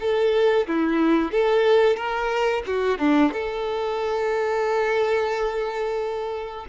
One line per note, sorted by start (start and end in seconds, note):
0.00 0.67 A4
0.67 1.32 E4
1.32 1.96 A4
1.96 2.63 A#4
2.66 2.98 F#4
2.98 3.32 D4
3.33 6.66 A4